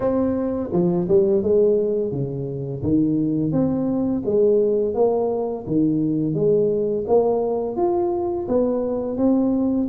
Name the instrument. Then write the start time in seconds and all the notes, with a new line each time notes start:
tuba
0.00 C4
0.72 F3
1.08 G3
1.42 G#3
2.11 C#3
2.82 D#3
3.51 C4
4.25 G#3
4.94 A#3
5.66 D#3
6.34 G#3
7.07 A#3
7.76 F4
8.48 B3
9.17 C4